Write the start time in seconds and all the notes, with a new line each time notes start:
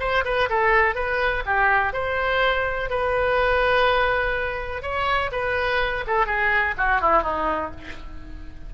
0.00 C5
0.25 B4
0.49 A4
0.95 B4
1.46 G4
1.93 C5
2.90 B4
4.82 C#5
5.32 B4
6.07 A4
6.26 G#4
6.77 F#4
7.01 E4
7.23 D#4